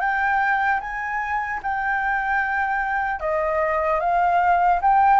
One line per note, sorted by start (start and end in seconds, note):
0.00 0.80 G5
0.80 1.60 G#5
1.63 3.20 G5
3.20 4.00 D#5
4.00 4.80 F5
4.82 5.20 G5